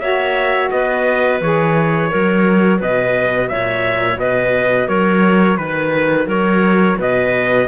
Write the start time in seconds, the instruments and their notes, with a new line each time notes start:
0.00 cello A#3, saxophone F#4, clarinet C#5, trumpet E5
0.71 cello B3, clarinet B4, trumpet D#5
1.41 cello E3, saxophone G#4, trumpet C#5
2.10 cello F#3, saxophone F#4, clarinet A#4
2.79 cello B2, clarinet B4, trumpet D#5
3.49 cello A#2, clarinet C#5, trumpet E5
4.17 cello B2, clarinet B4, trumpet D#5
4.88 cello F#3, clarinet A#4, trumpet C#5
5.57 cello D#3, trumpet B4, clarinet B4
6.26 cello F#3, clarinet A#4, trumpet C#5
6.98 cello B2, clarinet B4, trumpet D#5